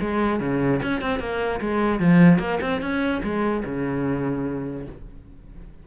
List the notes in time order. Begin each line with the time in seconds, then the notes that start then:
0.00 G#3
0.40 C#3
0.82 C#4
1.01 C4
1.19 A#3
1.60 G#3
1.99 F3
2.39 A#3
2.61 C4
2.81 C#4
3.23 G#3
3.64 C#3